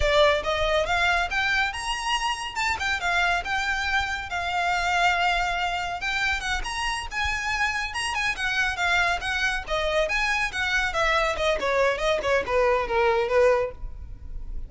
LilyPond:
\new Staff \with { instrumentName = "violin" } { \time 4/4 \tempo 4 = 140 d''4 dis''4 f''4 g''4 | ais''2 a''8 g''8 f''4 | g''2 f''2~ | f''2 g''4 fis''8 ais''8~ |
ais''8 gis''2 ais''8 gis''8 fis''8~ | fis''8 f''4 fis''4 dis''4 gis''8~ | gis''8 fis''4 e''4 dis''8 cis''4 | dis''8 cis''8 b'4 ais'4 b'4 | }